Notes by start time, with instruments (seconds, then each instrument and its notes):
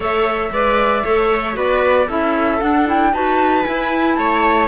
0.00 cello A3, clarinet A4, viola C#5, flute E5
0.51 cello G#3, clarinet B4, viola D5
1.04 cello A3, clarinet A4, viola C#5
1.53 cello B3, clarinet F#4, viola B4, flute D5
2.07 cello C#4, clarinet E4, viola A4, flute E5
2.60 clarinet D4, cello D4, flute F#5
2.86 clarinet E4, flute G5
3.13 cello D#4, clarinet F#4, viola B4, flute A5
3.63 clarinet E4, cello E4, flute G#5
4.15 cello A3, viola C#5, flute A5